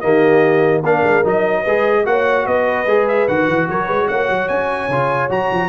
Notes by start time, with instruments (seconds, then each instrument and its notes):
0.00 tuba D#3, trombone A#3, horn G4, trumpet D#5
0.82 tuba A#3, trombone D4, horn A#4, trumpet F5
1.03 tuba G#3
1.23 tuba F#3, trombone D#4, trumpet D#5
1.62 tuba G#3, trombone G#4, horn B4
2.05 tuba A#3, trombone F#4, horn C#5, trumpet F#5
2.46 tuba B3, horn B4, trumpet D#5
2.86 tuba G#3, trombone G#4
3.08 trumpet E5
3.28 tuba D#3, trombone F#4, trumpet F#5
3.48 tuba E3
3.69 tuba F#3, horn A#4, trumpet C#5
3.85 tuba G#3, horn B4
4.08 tuba A#3, horn C#5, trumpet F#5
4.29 tuba F#3
4.48 tuba C#4, trumpet G#5
4.88 tuba C#3, trombone F4
5.29 tuba F#3, trombone F#4, trumpet A#5
5.52 tuba F3